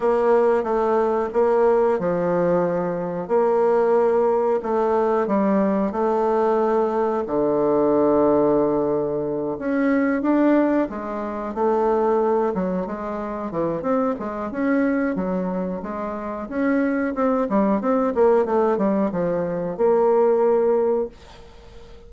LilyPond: \new Staff \with { instrumentName = "bassoon" } { \time 4/4 \tempo 4 = 91 ais4 a4 ais4 f4~ | f4 ais2 a4 | g4 a2 d4~ | d2~ d8 cis'4 d'8~ |
d'8 gis4 a4. fis8 gis8~ | gis8 e8 c'8 gis8 cis'4 fis4 | gis4 cis'4 c'8 g8 c'8 ais8 | a8 g8 f4 ais2 | }